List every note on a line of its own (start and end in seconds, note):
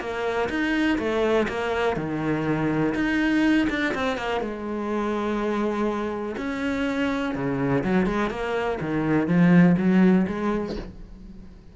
0.00 0.49 A#3
0.49 0.98 D#4
0.99 1.47 A3
1.49 1.97 A#3
1.97 2.94 D#3
2.95 3.68 D#4
3.70 3.94 D4
3.95 4.17 C4
4.17 4.41 A#3
4.41 6.36 G#3
6.37 7.35 C#4
7.35 7.84 C#3
7.84 8.06 F#3
8.06 8.30 G#3
8.30 8.79 A#3
8.81 9.28 D#3
9.28 9.76 F3
9.78 10.27 F#3
10.27 10.76 G#3